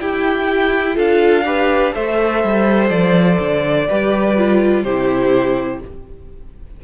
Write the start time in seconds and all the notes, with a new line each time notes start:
0.00 E4 G4 G5
0.94 D4 F4 A4 F5
1.45 G4 B4
1.92 A3 A4 C5 E5
2.44 G3
2.90 F3 D5
3.39 D3
3.88 G3 G4 B4
4.36 F4
4.83 C3 E4 G4 C5